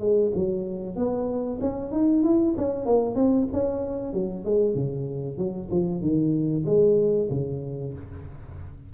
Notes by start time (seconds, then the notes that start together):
0.00 G#3
0.35 F#3
0.96 B3
1.61 C#4
1.92 D#4
2.24 E4
2.58 C#4
2.86 A#3
3.15 C4
3.53 C#4
4.14 F#3
4.45 G#3
4.75 C#3
5.38 F#3
5.71 F3
6.02 D#3
6.66 G#3
7.31 C#3